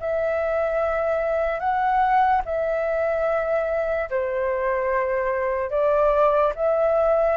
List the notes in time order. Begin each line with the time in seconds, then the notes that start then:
0.00 E5
1.60 F#5
2.45 E5
4.10 C5
5.70 D5
6.55 E5